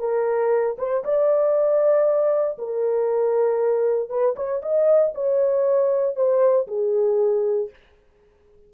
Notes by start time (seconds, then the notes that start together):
0.00 A#4
0.79 C5
1.04 D5
2.59 A#4
4.10 B4
4.36 C#5
4.63 D#5
5.15 C#5
6.16 C5
6.68 G#4